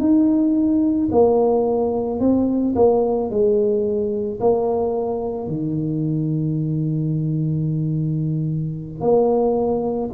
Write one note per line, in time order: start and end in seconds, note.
0.00 1.09 D#4
1.11 2.20 A#3
2.20 2.75 C4
2.76 3.30 A#3
3.30 4.39 G#3
4.40 5.47 A#3
5.47 9.00 D#3
9.00 10.10 A#3